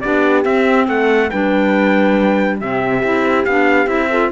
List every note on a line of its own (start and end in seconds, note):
0.00 0.45 B3
0.00 0.44 D4
0.00 0.87 G4
0.00 0.43 D5
0.44 1.30 C4
0.44 0.87 C4
0.44 0.87 E5
0.87 1.30 A3
0.87 1.29 A4
0.87 1.30 F#5
1.29 2.61 G3
1.29 2.61 D4
1.29 2.58 B4
1.29 2.58 G5
2.58 3.03 C3
2.58 3.03 C4
2.58 4.08 G4
2.58 3.45 E5
3.03 3.46 C4
3.03 3.46 E4
3.45 3.86 B3
3.45 3.86 D4
3.45 3.87 F5
3.86 4.29 C4
3.86 4.08 E4
3.86 4.30 E5
4.10 4.31 F4
4.10 4.31 A4